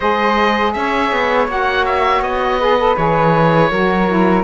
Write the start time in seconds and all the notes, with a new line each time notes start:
0.00 G#3 G#4 C5 D#5
0.73 C#4 C#5 E5
1.12 B3
1.47 A#3 F#4 F#5
1.85 E5
2.21 B3 D#5
2.59 G#4 B4
2.78 A4
2.96 E3 G#4 C#5
3.70 F#3 F#4 A#4
4.08 E4